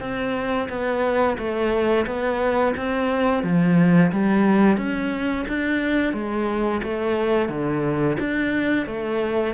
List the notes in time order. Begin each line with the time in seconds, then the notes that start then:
0.00 C4
0.69 B3
1.38 A3
2.06 B3
2.76 C4
3.43 F3
4.12 G3
4.77 C#4
5.48 D4
6.13 G#3
6.83 A3
7.49 D3
8.19 D4
8.86 A3